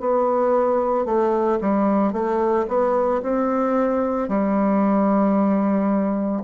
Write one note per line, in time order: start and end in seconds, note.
0.00 1.05 B3
1.05 1.59 A3
1.61 2.13 G3
2.13 2.66 A3
2.68 3.21 B3
3.22 4.29 C4
4.29 6.43 G3